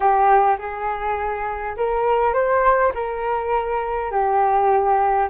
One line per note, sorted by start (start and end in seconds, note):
0.00 0.56 G4
0.58 1.75 G#4
1.76 2.33 A#4
2.33 2.92 C5
2.94 4.11 A#4
4.11 5.28 G4